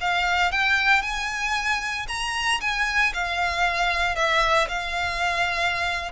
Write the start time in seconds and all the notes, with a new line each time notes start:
0.00 F5
0.51 G5
1.02 G#5
2.08 A#5
2.60 G#5
3.13 F5
4.15 E5
4.68 F5